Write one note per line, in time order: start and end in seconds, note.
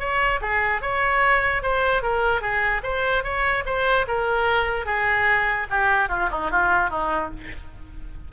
0.00 0.41 C#5
0.42 0.82 G#4
0.82 1.63 C#5
1.63 2.03 C5
2.03 2.42 A#4
2.42 2.82 G#4
2.84 3.24 C5
3.24 3.64 C#5
3.66 4.07 C5
4.08 4.86 A#4
4.86 5.67 G#4
5.71 6.09 G4
6.09 6.30 F4
6.32 6.51 D#4
6.51 6.90 F4
6.90 7.31 D#4